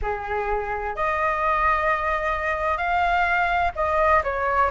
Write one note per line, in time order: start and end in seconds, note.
0.02 0.95 G#4
0.95 2.77 D#5
2.77 3.71 F5
3.75 4.22 D#5
4.23 4.70 C#5